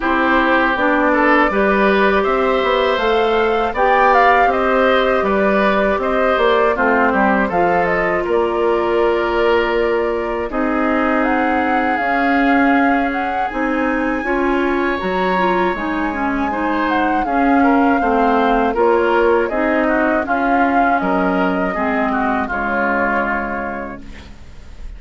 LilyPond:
<<
  \new Staff \with { instrumentName = "flute" } { \time 4/4 \tempo 4 = 80 c''4 d''2 e''4 | f''4 g''8 f''8 dis''4 d''4 | dis''8 d''8 c''4 f''8 dis''8 d''4~ | d''2 dis''4 fis''4 |
f''4. fis''8 gis''2 | ais''4 gis''4. fis''8 f''4~ | f''4 cis''4 dis''4 f''4 | dis''2 cis''2 | }
  \new Staff \with { instrumentName = "oboe" } { \time 4/4 g'4. a'8 b'4 c''4~ | c''4 d''4 c''4 b'4 | c''4 f'8 g'8 a'4 ais'4~ | ais'2 gis'2~ |
gis'2. cis''4~ | cis''2 c''4 gis'8 ais'8 | c''4 ais'4 gis'8 fis'8 f'4 | ais'4 gis'8 fis'8 f'2 | }
  \new Staff \with { instrumentName = "clarinet" } { \time 4/4 e'4 d'4 g'2 | a'4 g'2.~ | g'4 c'4 f'2~ | f'2 dis'2 |
cis'2 dis'4 f'4 | fis'8 f'8 dis'8 cis'8 dis'4 cis'4 | c'4 f'4 dis'4 cis'4~ | cis'4 c'4 gis2 | }
  \new Staff \with { instrumentName = "bassoon" } { \time 4/4 c'4 b4 g4 c'8 b8 | a4 b4 c'4 g4 | c'8 ais8 a8 g8 f4 ais4~ | ais2 c'2 |
cis'2 c'4 cis'4 | fis4 gis2 cis'4 | a4 ais4 c'4 cis'4 | fis4 gis4 cis2 | }
>>